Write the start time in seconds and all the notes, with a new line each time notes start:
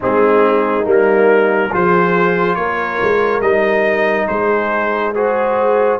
0.00 G#3 C4 D#4 G#4
0.84 G3 A#3
0.90 A#4
1.71 F3 F4 G#4 C5
2.55 A#3 A#4 C#5
3.01 G#3
3.41 G3 D#4 D#5
4.27 G#3 G#4 C5
5.14 F#4 G#4 C5